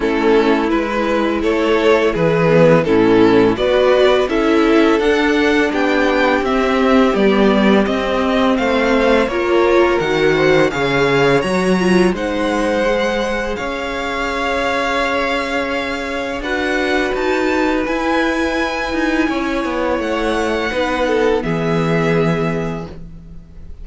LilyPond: <<
  \new Staff \with { instrumentName = "violin" } { \time 4/4 \tempo 4 = 84 a'4 b'4 cis''4 b'4 | a'4 d''4 e''4 fis''4 | g''4 e''4 d''4 dis''4 | f''4 cis''4 fis''4 f''4 |
ais''4 fis''2 f''4~ | f''2. fis''4 | a''4 gis''2. | fis''2 e''2 | }
  \new Staff \with { instrumentName = "violin" } { \time 4/4 e'2 a'4 gis'4 | e'4 b'4 a'2 | g'1 | c''4 ais'4. c''8 cis''4~ |
cis''4 c''2 cis''4~ | cis''2. b'4~ | b'2. cis''4~ | cis''4 b'8 a'8 gis'2 | }
  \new Staff \with { instrumentName = "viola" } { \time 4/4 cis'4 e'2~ e'8 b8 | cis'4 fis'4 e'4 d'4~ | d'4 c'4 b4 c'4~ | c'4 f'4 fis'4 gis'4 |
fis'8 f'8 dis'4 gis'2~ | gis'2. fis'4~ | fis'4 e'2.~ | e'4 dis'4 b2 | }
  \new Staff \with { instrumentName = "cello" } { \time 4/4 a4 gis4 a4 e4 | a,4 b4 cis'4 d'4 | b4 c'4 g4 c'4 | a4 ais4 dis4 cis4 |
fis4 gis2 cis'4~ | cis'2. d'4 | dis'4 e'4. dis'8 cis'8 b8 | a4 b4 e2 | }
>>